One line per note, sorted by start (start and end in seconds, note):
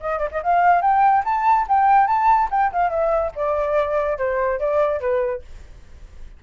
0.00 0.18 D#5
0.18 0.29 D5
0.31 0.42 D#5
0.43 0.81 F5
0.81 1.23 G5
1.25 1.66 A5
1.68 2.07 G5
2.07 2.49 A5
2.51 2.72 G5
2.72 2.90 F5
2.90 3.32 E5
3.35 4.17 D5
4.17 4.59 C5
4.59 5.00 D5
5.00 5.42 B4